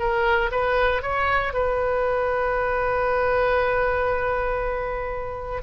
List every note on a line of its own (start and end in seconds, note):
0.00 0.51 A#4
0.52 1.03 B4
1.03 1.54 C#5
1.54 5.63 B4